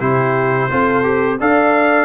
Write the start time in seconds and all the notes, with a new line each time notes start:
0.00 C3 E4 G4 C5
0.70 C4 F4 A4
1.03 G4
1.41 D4 A4 D5 F5